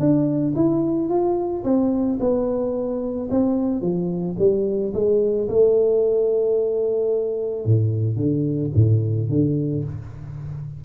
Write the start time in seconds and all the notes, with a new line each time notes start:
0.00 D4
0.56 E4
1.09 F4
1.64 C4
2.20 B3
3.31 C4
3.82 F3
4.39 G3
4.94 G#3
5.49 A3
7.66 A2
8.16 D3
8.75 A2
9.30 D3